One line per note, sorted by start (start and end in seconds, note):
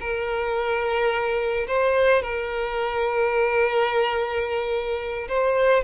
0.00 1.67 A#4
1.67 2.22 C5
2.22 5.28 A#4
5.28 5.83 C5